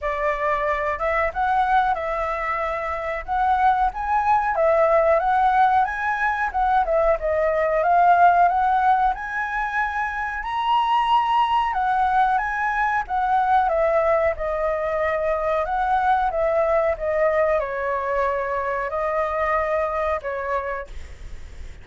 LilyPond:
\new Staff \with { instrumentName = "flute" } { \time 4/4 \tempo 4 = 92 d''4. e''8 fis''4 e''4~ | e''4 fis''4 gis''4 e''4 | fis''4 gis''4 fis''8 e''8 dis''4 | f''4 fis''4 gis''2 |
ais''2 fis''4 gis''4 | fis''4 e''4 dis''2 | fis''4 e''4 dis''4 cis''4~ | cis''4 dis''2 cis''4 | }